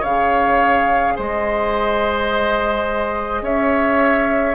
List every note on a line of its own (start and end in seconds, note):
0.00 1.17 C#3
0.00 4.54 G#4
0.00 1.13 C#5
0.00 1.17 F5
1.16 3.42 G#3
1.16 3.42 C5
1.16 3.44 D#5
3.42 4.54 C#4
3.42 4.54 C#5
3.42 4.54 E5